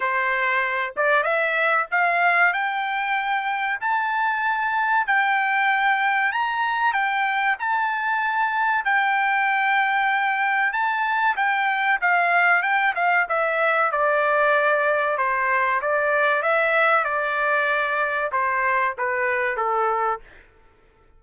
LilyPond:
\new Staff \with { instrumentName = "trumpet" } { \time 4/4 \tempo 4 = 95 c''4. d''8 e''4 f''4 | g''2 a''2 | g''2 ais''4 g''4 | a''2 g''2~ |
g''4 a''4 g''4 f''4 | g''8 f''8 e''4 d''2 | c''4 d''4 e''4 d''4~ | d''4 c''4 b'4 a'4 | }